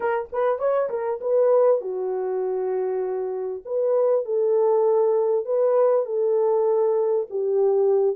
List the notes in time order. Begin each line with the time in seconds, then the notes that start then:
0.00 A#4
0.32 B4
0.58 C#5
0.89 A#4
1.21 B4
1.81 F#4
3.65 B4
4.25 A4
5.45 B4
6.05 A4
7.30 G4